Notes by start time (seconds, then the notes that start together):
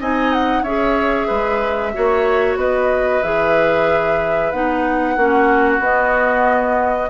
0.00 C4 D#4 D#5 G#5
0.33 F#5
0.62 C#4 G#4 C#5 E5
1.27 G#3 B4
1.94 A#3 F#4 C#5
2.56 B3 B4 D#5
3.23 E3 G#4 E5
4.52 B3 D#4 F#5
5.16 A#3 C#4 F#4
5.79 B3 D#5